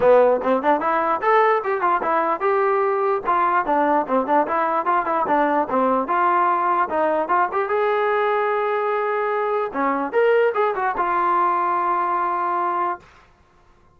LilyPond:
\new Staff \with { instrumentName = "trombone" } { \time 4/4 \tempo 4 = 148 b4 c'8 d'8 e'4 a'4 | g'8 f'8 e'4 g'2 | f'4 d'4 c'8 d'8 e'4 | f'8 e'8 d'4 c'4 f'4~ |
f'4 dis'4 f'8 g'8 gis'4~ | gis'1 | cis'4 ais'4 gis'8 fis'8 f'4~ | f'1 | }